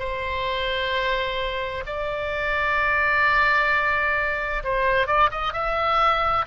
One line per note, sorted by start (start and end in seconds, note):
0.00 1.85 C5
1.87 4.64 D5
4.64 5.07 C5
5.07 5.30 D5
5.32 5.53 D#5
5.53 6.46 E5